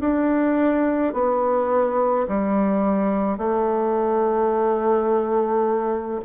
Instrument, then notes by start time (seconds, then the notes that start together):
bassoon
0.00 D4
1.13 B3
2.27 G3
3.38 A3